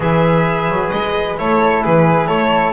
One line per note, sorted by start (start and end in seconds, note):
0.00 0.68 E3
0.00 1.36 G#4
0.00 1.39 B4
0.00 0.90 E5
0.68 0.91 F#3
0.90 1.38 G#3
0.90 1.35 D#5
1.37 1.84 A3
1.37 2.72 E4
1.37 1.83 A4
1.37 1.84 C#5
1.83 2.28 E3
1.83 2.27 G#4
1.83 2.27 B4
2.27 2.72 A3
2.27 2.72 A4
2.27 2.72 C#5